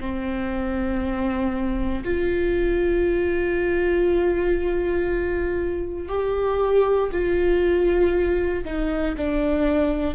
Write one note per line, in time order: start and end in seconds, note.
0.00 2.03 C4
2.04 6.08 F4
6.08 7.10 G4
7.11 8.64 F4
8.64 9.15 D#4
9.17 10.14 D4